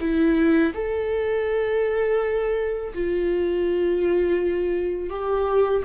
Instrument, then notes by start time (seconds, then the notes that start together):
viola
0.00 E4
0.74 A4
2.94 F4
5.10 G4